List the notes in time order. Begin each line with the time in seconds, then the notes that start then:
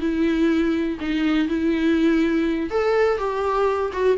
0.00 E4
1.00 D#4
1.48 E4
2.70 A4
3.18 G4
3.93 F#4